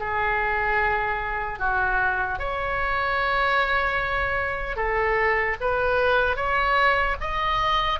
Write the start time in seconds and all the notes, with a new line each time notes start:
0.00 G#4
1.59 F#4
2.39 C#5
4.76 A4
5.61 B4
6.36 C#5
7.21 D#5